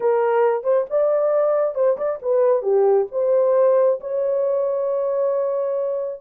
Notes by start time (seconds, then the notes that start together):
0.00 A#4
0.63 C5
0.90 D5
1.74 C5
1.97 D5
2.22 B4
2.62 G4
3.11 C5
4.00 C#5